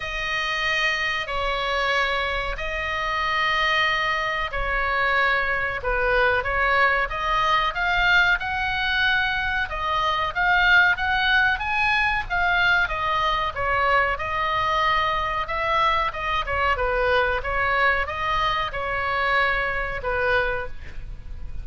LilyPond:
\new Staff \with { instrumentName = "oboe" } { \time 4/4 \tempo 4 = 93 dis''2 cis''2 | dis''2. cis''4~ | cis''4 b'4 cis''4 dis''4 | f''4 fis''2 dis''4 |
f''4 fis''4 gis''4 f''4 | dis''4 cis''4 dis''2 | e''4 dis''8 cis''8 b'4 cis''4 | dis''4 cis''2 b'4 | }